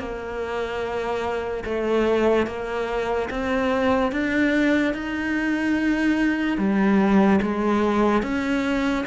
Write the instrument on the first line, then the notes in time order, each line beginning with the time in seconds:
cello
0.00 A#3
1.65 A3
2.47 A#3
3.31 C4
4.12 D4
4.94 D#4
6.58 G3
7.42 G#3
8.23 C#4